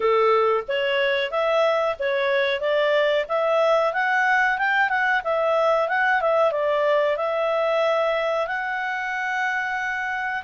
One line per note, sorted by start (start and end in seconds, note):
0.00 0.63 A4
0.68 1.30 C#5
1.30 1.96 E5
1.99 2.60 C#5
2.60 3.25 D5
3.28 3.93 E5
3.93 4.58 F#5
4.58 4.89 G5
4.89 5.21 F#5
5.24 5.88 E5
5.88 6.21 F#5
6.21 6.51 E5
6.51 7.17 D5
7.17 8.47 E5
8.47 10.42 F#5